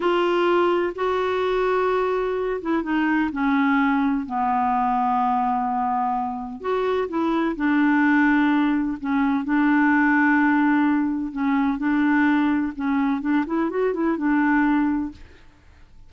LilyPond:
\new Staff \with { instrumentName = "clarinet" } { \time 4/4 \tempo 4 = 127 f'2 fis'2~ | fis'4. e'8 dis'4 cis'4~ | cis'4 b2.~ | b2 fis'4 e'4 |
d'2. cis'4 | d'1 | cis'4 d'2 cis'4 | d'8 e'8 fis'8 e'8 d'2 | }